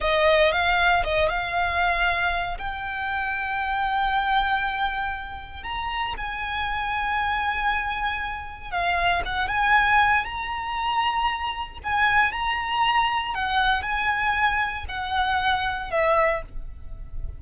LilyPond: \new Staff \with { instrumentName = "violin" } { \time 4/4 \tempo 4 = 117 dis''4 f''4 dis''8 f''4.~ | f''4 g''2.~ | g''2. ais''4 | gis''1~ |
gis''4 f''4 fis''8 gis''4. | ais''2. gis''4 | ais''2 fis''4 gis''4~ | gis''4 fis''2 e''4 | }